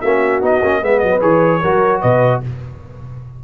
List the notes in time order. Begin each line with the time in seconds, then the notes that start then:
0.00 A#3 C#4 F#4 E5
0.41 B3 D#4 D#5
0.62 A#3 C#4
0.81 G#3 B3 B4 E5
0.99 F#3 D#5
1.20 E3 G#4 C#5
1.61 F#3 F#4 A#4
2.01 B2 B4 D#5